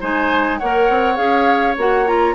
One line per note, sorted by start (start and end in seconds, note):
0.00 0.61 G#3
0.00 0.60 D#4
0.00 0.59 C5
0.00 0.58 G#5
0.58 0.89 A#3
0.58 1.16 A#4
0.58 2.35 C#5
0.58 1.16 F#5
0.89 1.18 C4
1.16 1.77 C#4
1.16 1.74 G#4
1.16 1.75 F5
1.77 2.35 A#3
1.77 2.06 F#4
1.77 2.07 F#5
2.06 2.35 F4
2.06 2.35 A#5